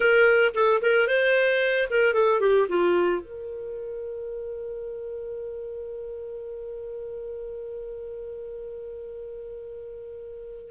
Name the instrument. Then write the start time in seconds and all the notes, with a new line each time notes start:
clarinet
0.00 A#4
0.54 A4
0.81 A#4
1.07 C5
1.90 A#4
2.13 A4
2.40 G4
2.68 F4
3.21 A#4